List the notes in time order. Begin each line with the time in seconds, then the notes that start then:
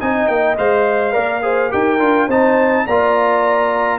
0.00 C4 D#4 D#5 G#5
0.28 A#3 G5
0.57 G#3 C5 F5
1.13 A#3 A#4 D5
1.43 G#4 C5
1.70 D#4 G4 A#4 G5
2.00 D4 F4
2.28 C4 D#4 C5 A5
2.86 A#3 F4 D5 A#5